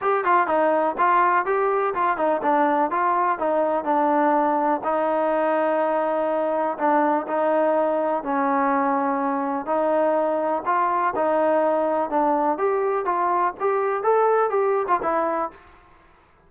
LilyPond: \new Staff \with { instrumentName = "trombone" } { \time 4/4 \tempo 4 = 124 g'8 f'8 dis'4 f'4 g'4 | f'8 dis'8 d'4 f'4 dis'4 | d'2 dis'2~ | dis'2 d'4 dis'4~ |
dis'4 cis'2. | dis'2 f'4 dis'4~ | dis'4 d'4 g'4 f'4 | g'4 a'4 g'8. f'16 e'4 | }